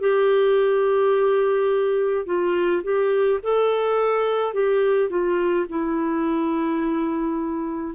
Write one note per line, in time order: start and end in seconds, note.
0.00 2.26 G4
2.26 2.83 F4
2.84 3.40 G4
3.43 4.54 A4
4.54 5.10 G4
5.10 5.67 F4
5.69 7.95 E4